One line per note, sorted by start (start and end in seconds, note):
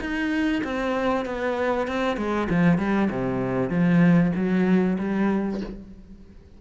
0.00 0.62 D#4
0.64 1.25 C4
1.25 1.87 B3
1.87 2.16 C4
2.16 2.48 G#3
2.49 2.78 F3
2.78 3.09 G3
3.10 3.70 C3
3.70 4.32 F3
4.35 4.97 F#3
4.98 5.60 G3